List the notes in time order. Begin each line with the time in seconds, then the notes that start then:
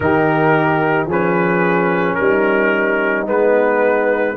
0.00 D#3 D#4 G4 A#4
1.06 F3 C#4 G#4 B4
2.15 G3 A#4
2.21 D#4
3.26 G#3 B3 B4